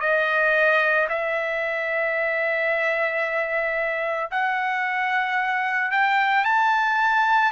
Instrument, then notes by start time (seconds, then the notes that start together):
trumpet
0.00 D#5
1.09 E5
4.31 F#5
5.91 G5
6.44 A5